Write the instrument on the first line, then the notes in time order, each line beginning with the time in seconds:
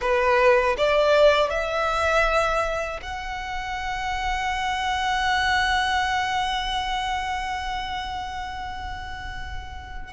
violin
0.01 B4
0.77 D5
1.50 E5
3.02 F#5